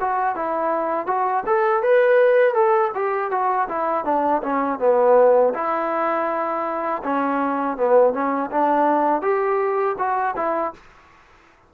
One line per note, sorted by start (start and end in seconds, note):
0.00 0.35 F#4
0.35 1.07 E4
1.07 1.44 F#4
1.46 1.83 A4
1.83 2.54 B4
2.54 2.91 A4
2.95 3.31 G4
3.31 3.68 F#4
3.68 4.05 E4
4.05 4.42 D4
4.42 4.79 C#4
4.79 5.53 B3
5.54 7.02 E4
7.03 7.77 C#4
7.77 8.13 B3
8.13 8.50 C#4
8.51 9.22 D4
9.22 9.96 G4
9.98 10.35 F#4
10.36 10.73 E4